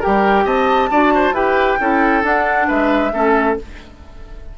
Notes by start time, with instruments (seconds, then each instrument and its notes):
0.00 clarinet G4, oboe A#4, flute G5
0.07 bassoon G3
0.45 bassoon C4, oboe D#5, flute A5
0.91 bassoon D4, clarinet F#4, oboe D5
1.15 oboe C5
1.32 bassoon E4, clarinet G4, oboe B4, flute G5
1.81 bassoon C#4, clarinet E4, oboe A4
2.23 clarinet D4, bassoon D4, flute F#5
2.68 bassoon G#3, oboe B4, flute E5
3.12 bassoon A3, clarinet C#4, oboe A4